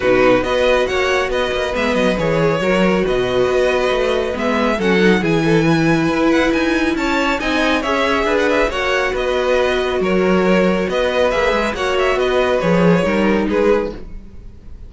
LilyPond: <<
  \new Staff \with { instrumentName = "violin" } { \time 4/4 \tempo 4 = 138 b'4 dis''4 fis''4 dis''4 | e''8 dis''8 cis''2 dis''4~ | dis''2 e''4 fis''4 | gis''2~ gis''8 fis''8 gis''4 |
a''4 gis''4 e''4~ e''16 fis''16 e''8 | fis''4 dis''2 cis''4~ | cis''4 dis''4 e''4 fis''8 e''8 | dis''4 cis''2 b'4 | }
  \new Staff \with { instrumentName = "violin" } { \time 4/4 fis'4 b'4 cis''4 b'4~ | b'2 ais'4 b'4~ | b'2. a'4 | gis'8 a'8 b'2. |
cis''4 dis''4 cis''4 b'4 | cis''4 b'2 ais'4~ | ais'4 b'2 cis''4 | b'2 ais'4 gis'4 | }
  \new Staff \with { instrumentName = "viola" } { \time 4/4 dis'4 fis'2. | b4 gis'4 fis'2~ | fis'2 b4 cis'8 dis'8 | e'1~ |
e'4 dis'4 gis'2 | fis'1~ | fis'2 gis'4 fis'4~ | fis'4 gis'4 dis'2 | }
  \new Staff \with { instrumentName = "cello" } { \time 4/4 b,4 b4 ais4 b8 ais8 | gis8 fis8 e4 fis4 b,4 | b4 a4 gis4 fis4 | e2 e'4 dis'4 |
cis'4 c'4 cis'4 d'4 | ais4 b2 fis4~ | fis4 b4 ais8 gis8 ais4 | b4 f4 g4 gis4 | }
>>